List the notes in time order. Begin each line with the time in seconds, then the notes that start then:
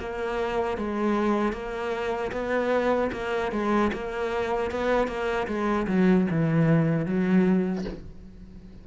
0.00 A#3
0.78 G#3
1.53 A#3
2.32 B3
3.13 A#3
3.52 G#3
3.93 A#3
4.71 B3
5.08 A#3
5.47 G#3
5.88 F#3
6.31 E3
7.06 F#3